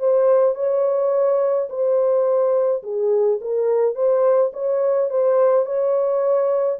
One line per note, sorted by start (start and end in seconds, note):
0.00 0.55 C5
0.55 1.69 C#5
1.70 2.83 C5
2.83 3.40 G#4
3.42 3.95 A#4
3.95 4.52 C5
4.54 5.10 C#5
5.10 5.66 C5
5.66 6.80 C#5